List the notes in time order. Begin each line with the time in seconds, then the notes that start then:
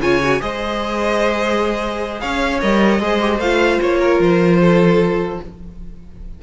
0.00 C#3 F4 C#5 G#5
0.24 F#4
0.40 G#3 G#4 C5 D#5
2.20 C#4 C#5 F5
2.61 G3 A#4 D#5
3.00 G#3 G#4 C5
3.21 G4
3.39 A3 F4 F5
3.82 A#3 C#5
3.99 A#4
4.20 F3 C5
4.62 A4